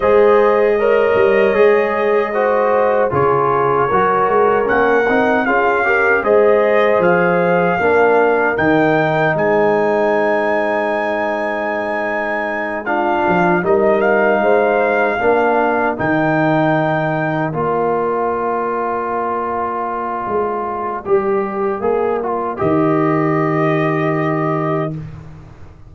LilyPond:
<<
  \new Staff \with { instrumentName = "trumpet" } { \time 4/4 \tempo 4 = 77 dis''1 | cis''2 fis''4 f''4 | dis''4 f''2 g''4 | gis''1~ |
gis''8 f''4 dis''8 f''2~ | f''8 g''2 d''4.~ | d''1~ | d''4 dis''2. | }
  \new Staff \with { instrumentName = "horn" } { \time 4/4 c''4 cis''2 c''4 | gis'4 ais'2 gis'8 ais'8 | c''2 ais'2 | c''1~ |
c''8 f'4 ais'4 c''4 ais'8~ | ais'1~ | ais'1~ | ais'1 | }
  \new Staff \with { instrumentName = "trombone" } { \time 4/4 gis'4 ais'4 gis'4 fis'4 | f'4 fis'4 cis'8 dis'8 f'8 g'8 | gis'2 d'4 dis'4~ | dis'1~ |
dis'8 d'4 dis'2 d'8~ | d'8 dis'2 f'4.~ | f'2. g'4 | gis'8 f'8 g'2. | }
  \new Staff \with { instrumentName = "tuba" } { \time 4/4 gis4. g8 gis2 | cis4 fis8 gis8 ais8 c'8 cis'4 | gis4 f4 ais4 dis4 | gis1~ |
gis4 f8 g4 gis4 ais8~ | ais8 dis2 ais4.~ | ais2 gis4 g4 | ais4 dis2. | }
>>